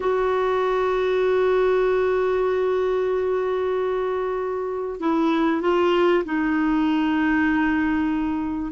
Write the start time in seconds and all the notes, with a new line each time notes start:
0.00 F#4
5.00 E4
5.61 F4
6.24 D#4